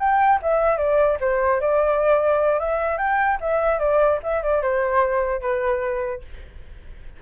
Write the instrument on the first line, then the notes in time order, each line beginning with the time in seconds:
flute
0.00 G5
0.43 E5
0.78 D5
1.21 C5
1.61 D5
2.60 E5
2.98 G5
3.41 E5
3.80 D5
4.23 E5
4.43 D5
4.63 C5
5.42 B4